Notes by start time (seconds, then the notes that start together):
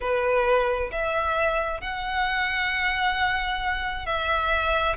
0.00 B4
0.91 E5
1.80 F#5
4.06 E5